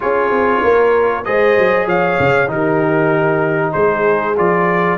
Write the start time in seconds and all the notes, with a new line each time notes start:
0.00 C#4 F4 G#4 C#5
0.30 C4
0.62 A#3 A#4
1.24 G#3 G#4 C5 D#5
1.58 F#3
1.86 F3 C#5 F5
2.19 C#3
2.47 D#3 D#4 G4 A#4
3.72 G#3 G#4 C5
4.36 F3 F4 D5